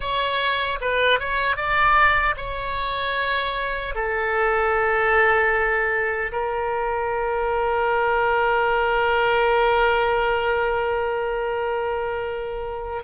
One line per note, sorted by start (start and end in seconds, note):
0.00 0.79 C#5
0.80 1.19 B4
1.19 1.56 C#5
1.56 2.35 D5
2.36 3.94 C#5
3.94 6.31 A4
6.32 13.03 A#4